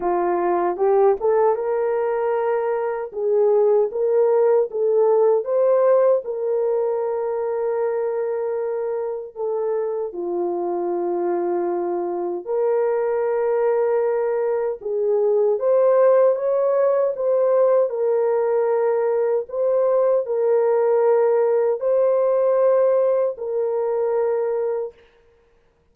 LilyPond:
\new Staff \with { instrumentName = "horn" } { \time 4/4 \tempo 4 = 77 f'4 g'8 a'8 ais'2 | gis'4 ais'4 a'4 c''4 | ais'1 | a'4 f'2. |
ais'2. gis'4 | c''4 cis''4 c''4 ais'4~ | ais'4 c''4 ais'2 | c''2 ais'2 | }